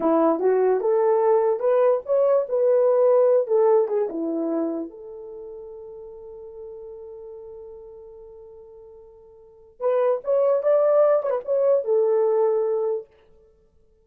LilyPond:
\new Staff \with { instrumentName = "horn" } { \time 4/4 \tempo 4 = 147 e'4 fis'4 a'2 | b'4 cis''4 b'2~ | b'8 a'4 gis'8 e'2 | a'1~ |
a'1~ | a'1 | b'4 cis''4 d''4. cis''16 b'16 | cis''4 a'2. | }